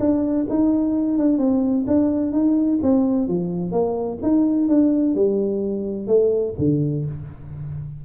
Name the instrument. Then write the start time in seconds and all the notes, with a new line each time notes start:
tuba
0.00 D4
0.50 D#4
1.18 D4
1.39 C4
1.88 D4
2.33 D#4
2.83 C4
3.29 F3
3.72 A#3
4.23 D#4
4.69 D4
5.15 G3
6.08 A3
6.59 D3